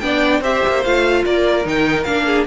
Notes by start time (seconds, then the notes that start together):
0.00 B3 D4 D5 G5
0.41 C4 G4 C5 E5
0.67 A#3
0.83 A3 F4 F5
1.25 A#3 A#4 D5
1.63 D#3 D#4 G5
2.03 A#3 D4 F5
2.26 G#4